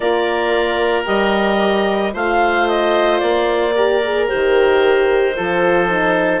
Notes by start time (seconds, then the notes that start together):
0.00 A#3 F4 A#4 D5
1.05 G3 G4 D#5
2.12 A3 F4 C5 F5
2.67 D#5
3.19 A#3 D5
3.75 G4 A#4
4.03 G#4
4.27 D#3 G4 C5
5.35 F3 F4 A4
5.88 D#4